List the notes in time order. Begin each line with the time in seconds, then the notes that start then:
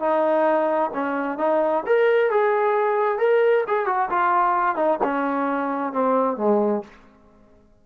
0.00 D#4
0.94 C#4
1.38 D#4
1.86 A#4
2.31 G#4
3.19 A#4
3.68 G#4
3.86 F#4
4.10 F4
4.76 D#4
5.04 C#4
5.93 C4
6.37 G#3